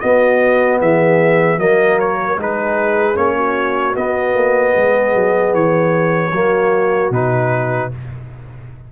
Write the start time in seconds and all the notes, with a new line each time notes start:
0.00 B3 F#4 D#5
0.81 E3 G#4 E5
1.58 F#3 A#3 A#4 D#5
2.00 C#5
2.36 G#3 D#4 G#4
2.42 B4
3.15 A#3 C#4 C#5
3.37 F#4
3.94 B3 D#5
4.35 A#3
4.75 G#3 G#4
5.14 F#3
5.54 E3 C#5
6.32 F#3 A#3 F#4
7.11 B2 D#4 B4